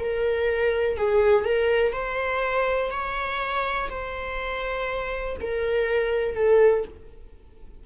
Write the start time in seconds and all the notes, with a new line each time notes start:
0.00 A#4
0.97 G#4
1.45 A#4
1.93 C5
2.91 C#5
3.90 C5
5.41 A#4
6.35 A4